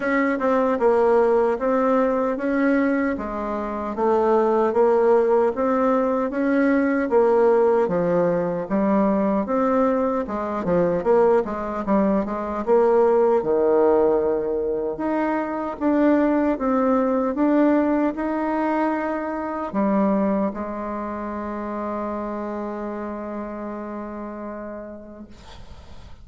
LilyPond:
\new Staff \with { instrumentName = "bassoon" } { \time 4/4 \tempo 4 = 76 cis'8 c'8 ais4 c'4 cis'4 | gis4 a4 ais4 c'4 | cis'4 ais4 f4 g4 | c'4 gis8 f8 ais8 gis8 g8 gis8 |
ais4 dis2 dis'4 | d'4 c'4 d'4 dis'4~ | dis'4 g4 gis2~ | gis1 | }